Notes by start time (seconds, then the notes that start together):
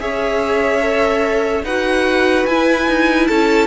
0.00 C#4 G#4 C#5 E5
0.82 A4
1.64 D#4 F#4 B4 F#5
2.46 E4 G#5
2.88 D#4
3.27 C#4 A4 A5